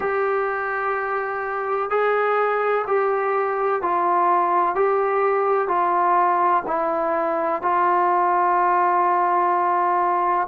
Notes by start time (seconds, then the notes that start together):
0.00 G4
1.90 G#4
2.87 G4
3.81 F4
4.75 G4
5.68 F4
6.66 E4
7.61 F4